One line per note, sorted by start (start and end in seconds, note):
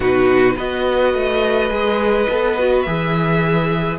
0.00 0.57 B2
0.00 0.57 D#4
0.00 0.54 F#4
0.00 0.57 B4
0.55 1.13 B3
0.55 1.69 F#4
0.55 3.98 B4
0.55 2.82 D#5
1.13 1.70 A3
1.69 2.27 G#3
1.69 2.26 G#4
2.29 2.86 B3
2.29 2.58 A4
2.58 2.86 F#4
2.82 3.99 E3
2.82 3.99 G#4
2.82 3.96 E5